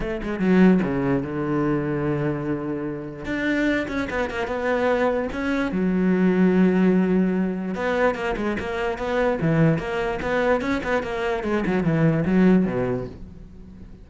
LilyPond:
\new Staff \with { instrumentName = "cello" } { \time 4/4 \tempo 4 = 147 a8 gis8 fis4 cis4 d4~ | d1 | d'4. cis'8 b8 ais8 b4~ | b4 cis'4 fis2~ |
fis2. b4 | ais8 gis8 ais4 b4 e4 | ais4 b4 cis'8 b8 ais4 | gis8 fis8 e4 fis4 b,4 | }